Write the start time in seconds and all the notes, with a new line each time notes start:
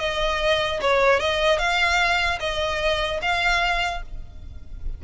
0.00 D#5
0.82 C#5
1.20 D#5
1.59 F5
2.40 D#5
3.22 F5